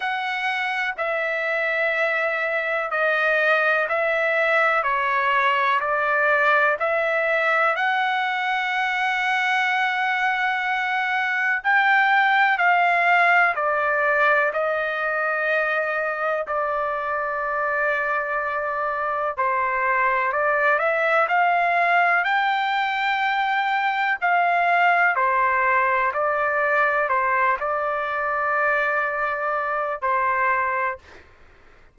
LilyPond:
\new Staff \with { instrumentName = "trumpet" } { \time 4/4 \tempo 4 = 62 fis''4 e''2 dis''4 | e''4 cis''4 d''4 e''4 | fis''1 | g''4 f''4 d''4 dis''4~ |
dis''4 d''2. | c''4 d''8 e''8 f''4 g''4~ | g''4 f''4 c''4 d''4 | c''8 d''2~ d''8 c''4 | }